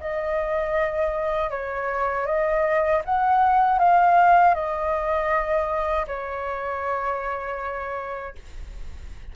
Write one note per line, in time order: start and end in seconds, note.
0.00 1.50 D#5
1.50 2.26 C#5
2.26 3.02 D#5
3.04 3.78 F#5
3.78 4.54 F5
4.54 6.06 D#5
6.07 8.35 C#5